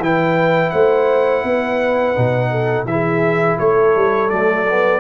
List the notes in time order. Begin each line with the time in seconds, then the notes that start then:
0.00 E3 E4 B4 G5
0.70 A3 C5 F#5
1.44 B3 B4
2.15 B2 D#4
2.51 A4
2.85 E3 E4 E5
2.92 G#4
3.58 A3 A4 C#5
3.96 G3
4.30 F#3 A3 D5
4.69 B3